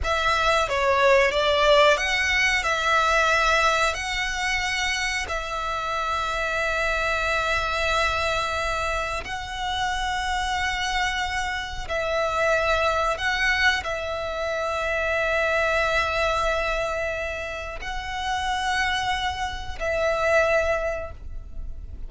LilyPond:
\new Staff \with { instrumentName = "violin" } { \time 4/4 \tempo 4 = 91 e''4 cis''4 d''4 fis''4 | e''2 fis''2 | e''1~ | e''2 fis''2~ |
fis''2 e''2 | fis''4 e''2.~ | e''2. fis''4~ | fis''2 e''2 | }